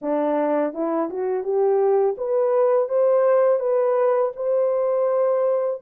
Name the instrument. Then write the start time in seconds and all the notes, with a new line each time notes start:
horn
0.01 D4
0.73 E4
1.09 F#4
1.43 G4
2.17 B4
2.88 C5
3.59 B4
4.36 C5